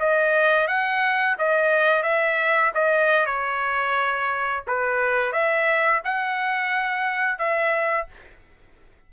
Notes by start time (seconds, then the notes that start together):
0.00 D#5
0.68 F#5
1.39 D#5
2.03 E5
2.75 D#5
3.26 C#5
4.68 B4
5.33 E5
6.05 F#5
7.39 E5